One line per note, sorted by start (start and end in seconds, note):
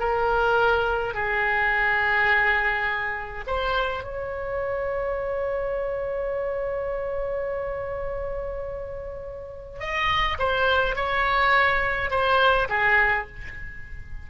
0.00 1.14 A#4
1.14 3.45 G#4
3.47 4.04 C5
4.04 9.81 C#5
9.81 10.38 D#5
10.39 10.96 C5
10.96 12.10 C#5
12.10 12.68 C5
12.69 13.27 G#4